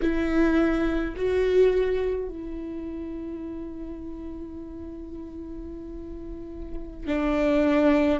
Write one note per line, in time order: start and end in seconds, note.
0.01 1.14 E4
1.16 2.28 F#4
2.28 7.07 E4
7.07 8.20 D4